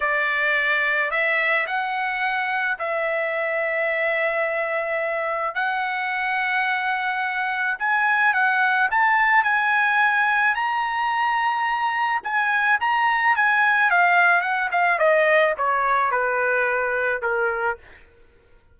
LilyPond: \new Staff \with { instrumentName = "trumpet" } { \time 4/4 \tempo 4 = 108 d''2 e''4 fis''4~ | fis''4 e''2.~ | e''2 fis''2~ | fis''2 gis''4 fis''4 |
a''4 gis''2 ais''4~ | ais''2 gis''4 ais''4 | gis''4 f''4 fis''8 f''8 dis''4 | cis''4 b'2 ais'4 | }